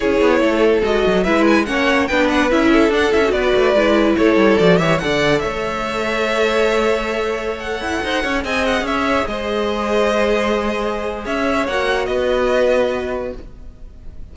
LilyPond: <<
  \new Staff \with { instrumentName = "violin" } { \time 4/4 \tempo 4 = 144 cis''2 dis''4 e''8 gis''8 | fis''4 g''8 fis''8 e''4 fis''8 e''8 | d''2 cis''4 d''8 e''8 | fis''4 e''2.~ |
e''2~ e''16 fis''4.~ fis''16~ | fis''16 gis''8 fis''8 e''4 dis''4.~ dis''16~ | dis''2. e''4 | fis''4 dis''2. | }
  \new Staff \with { instrumentName = "violin" } { \time 4/4 gis'4 a'2 b'4 | cis''4 b'4. a'4. | b'2 a'4. cis''8 | d''4 cis''2.~ |
cis''2.~ cis''16 c''8 cis''16~ | cis''16 dis''4 cis''4 c''4.~ c''16~ | c''2. cis''4~ | cis''4 b'2. | }
  \new Staff \with { instrumentName = "viola" } { \time 4/4 e'2 fis'4 e'4 | cis'4 d'4 e'4 d'8 e'16 fis'16~ | fis'4 e'2 fis'8 g'8 | a'1~ |
a'1~ | a'16 gis'2.~ gis'8.~ | gis'1 | fis'1 | }
  \new Staff \with { instrumentName = "cello" } { \time 4/4 cis'8 b8 a4 gis8 fis8 gis4 | ais4 b4 cis'4 d'8 cis'8 | b8 a8 gis4 a8 g8 f8 e8 | d4 a2.~ |
a2~ a8. e'8 dis'8 cis'16~ | cis'16 c'4 cis'4 gis4.~ gis16~ | gis2. cis'4 | ais4 b2. | }
>>